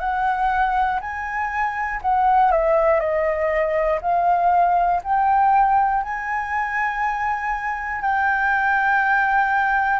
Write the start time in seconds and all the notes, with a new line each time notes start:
0.00 F#5
1.01 G#5
2.01 F#5
2.51 E5
3.00 D#5
4.01 F5
5.03 G5
6.03 G#5
8.01 G5